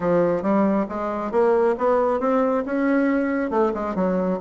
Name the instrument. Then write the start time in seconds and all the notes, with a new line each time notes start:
bassoon
0.00 F3
0.42 G3
0.88 G#3
1.31 A#3
1.78 B3
2.20 C4
2.65 C#4
3.50 A3
3.74 G#3
3.95 F#3